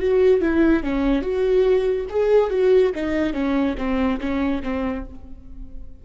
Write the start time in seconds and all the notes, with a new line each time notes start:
0.00 F#4
0.42 E4
0.84 C#4
1.23 F#4
2.10 G#4
2.51 F#4
2.95 D#4
3.34 C#4
3.78 C4
4.21 C#4
4.63 C4